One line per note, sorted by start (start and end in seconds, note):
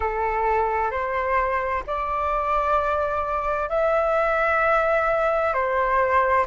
0.00 0.91 A4
0.91 1.83 C5
1.87 3.69 D5
3.69 5.53 E5
5.53 6.45 C5